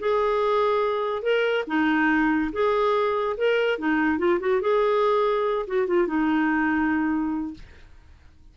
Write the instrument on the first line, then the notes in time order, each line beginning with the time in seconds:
clarinet
0.00 G#4
1.23 A#4
1.68 D#4
2.53 G#4
3.38 A#4
3.79 D#4
4.19 F4
4.41 F#4
4.62 G#4
5.68 F#4
5.88 F4
6.08 D#4